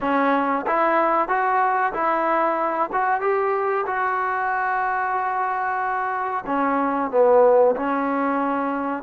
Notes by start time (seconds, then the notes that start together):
0.01 C#4
0.66 E4
1.28 F#4
1.93 E4
2.92 F#4
3.21 G4
3.86 F#4
6.46 C#4
7.10 B3
7.76 C#4